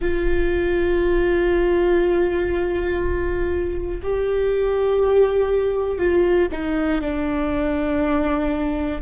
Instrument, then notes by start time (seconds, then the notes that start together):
viola
0.01 F4
4.03 G4
5.98 F4
6.51 D#4
7.00 D4